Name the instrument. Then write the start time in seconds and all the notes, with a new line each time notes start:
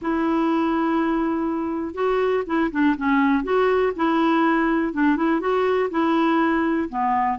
clarinet
0.01 E4
1.94 F#4
2.46 E4
2.71 D4
2.97 C#4
3.43 F#4
3.95 E4
4.93 D4
5.16 E4
5.40 F#4
5.90 E4
6.89 B3